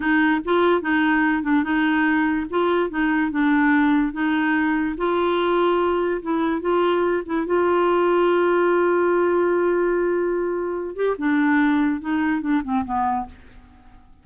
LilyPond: \new Staff \with { instrumentName = "clarinet" } { \time 4/4 \tempo 4 = 145 dis'4 f'4 dis'4. d'8 | dis'2 f'4 dis'4 | d'2 dis'2 | f'2. e'4 |
f'4. e'8 f'2~ | f'1~ | f'2~ f'8 g'8 d'4~ | d'4 dis'4 d'8 c'8 b4 | }